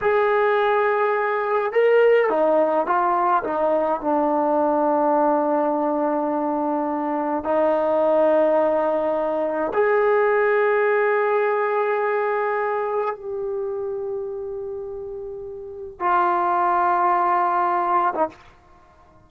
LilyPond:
\new Staff \with { instrumentName = "trombone" } { \time 4/4 \tempo 4 = 105 gis'2. ais'4 | dis'4 f'4 dis'4 d'4~ | d'1~ | d'4 dis'2.~ |
dis'4 gis'2.~ | gis'2. g'4~ | g'1 | f'2.~ f'8. dis'16 | }